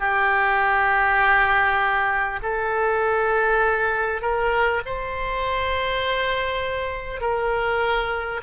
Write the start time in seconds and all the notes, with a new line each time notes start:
0.00 G4
2.43 A4
4.22 A#4
4.85 C5
7.21 A#4